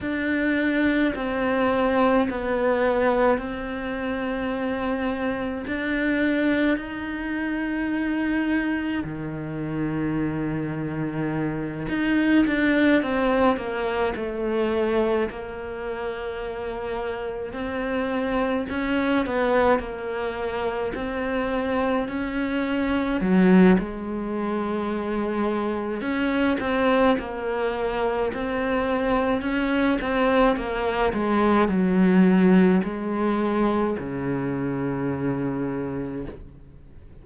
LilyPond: \new Staff \with { instrumentName = "cello" } { \time 4/4 \tempo 4 = 53 d'4 c'4 b4 c'4~ | c'4 d'4 dis'2 | dis2~ dis8 dis'8 d'8 c'8 | ais8 a4 ais2 c'8~ |
c'8 cis'8 b8 ais4 c'4 cis'8~ | cis'8 fis8 gis2 cis'8 c'8 | ais4 c'4 cis'8 c'8 ais8 gis8 | fis4 gis4 cis2 | }